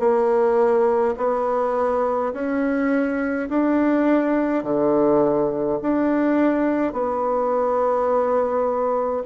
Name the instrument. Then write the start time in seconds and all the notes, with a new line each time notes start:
bassoon
0.00 A#3
1.17 B3
2.33 C#4
3.49 D4
4.64 D3
5.82 D4
6.93 B3